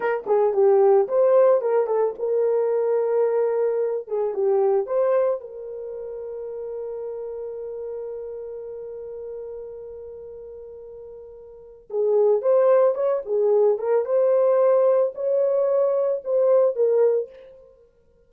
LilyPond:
\new Staff \with { instrumentName = "horn" } { \time 4/4 \tempo 4 = 111 ais'8 gis'8 g'4 c''4 ais'8 a'8 | ais'2.~ ais'8 gis'8 | g'4 c''4 ais'2~ | ais'1~ |
ais'1~ | ais'2 gis'4 c''4 | cis''8 gis'4 ais'8 c''2 | cis''2 c''4 ais'4 | }